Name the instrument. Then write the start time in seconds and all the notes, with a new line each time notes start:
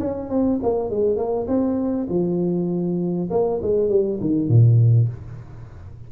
tuba
0.00 C#4
0.30 C4
0.63 A#3
0.91 G#3
1.17 A#3
1.48 C4
2.09 F3
3.31 A#3
3.62 G#3
3.89 G3
4.21 D#3
4.49 A#2